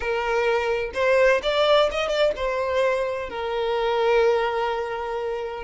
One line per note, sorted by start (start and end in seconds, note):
0.00 0.91 A#4
0.94 1.41 C5
1.42 1.89 D5
1.91 2.08 D#5
2.08 2.32 D5
2.36 3.29 C5
3.29 5.63 A#4